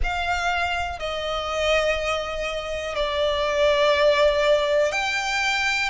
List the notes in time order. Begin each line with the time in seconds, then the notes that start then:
0.03 F5
0.99 D#5
2.95 D5
4.92 G5